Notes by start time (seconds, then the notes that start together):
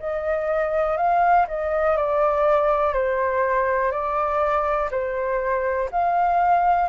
0.00 D#5
0.98 F5
1.48 D#5
1.97 D5
2.94 C5
3.92 D5
4.91 C5
5.92 F5